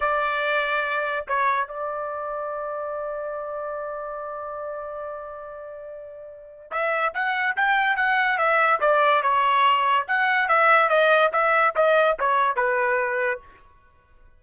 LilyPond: \new Staff \with { instrumentName = "trumpet" } { \time 4/4 \tempo 4 = 143 d''2. cis''4 | d''1~ | d''1~ | d''1 |
e''4 fis''4 g''4 fis''4 | e''4 d''4 cis''2 | fis''4 e''4 dis''4 e''4 | dis''4 cis''4 b'2 | }